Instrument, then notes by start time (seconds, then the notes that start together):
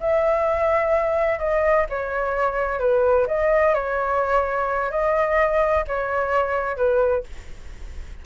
flute
0.00 E5
1.39 D#5
1.89 C#5
2.80 B4
3.27 D#5
3.74 C#5
4.91 D#5
5.87 C#5
6.77 B4